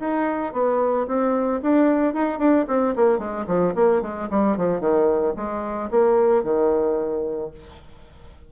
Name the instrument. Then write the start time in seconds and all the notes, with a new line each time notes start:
bassoon
0.00 D#4
0.53 B3
1.08 C4
1.62 D4
2.14 D#4
2.39 D4
2.68 C4
2.96 A#3
3.19 G#3
3.47 F3
3.75 A#3
4.02 G#3
4.31 G3
4.57 F3
4.81 D#3
5.37 G#3
5.91 A#3
6.44 D#3